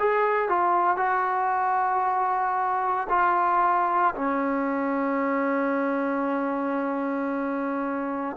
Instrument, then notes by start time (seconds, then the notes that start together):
trombone
0.00 G#4
0.49 F4
0.97 F#4
3.10 F4
4.15 C#4